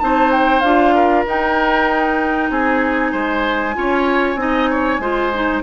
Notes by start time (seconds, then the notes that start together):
0.00 C4 D#4 C5 A5
0.32 G5
0.61 D4 F4 F5
0.95 A#4
1.26 D#4 G5
2.51 C4 G#4 G#5
3.12 G#3 C5
3.74 C#4 F4 C#5
4.36 C4 D#4 D#5
4.70 C#5
4.99 G#3 F4 C5
5.34 D#4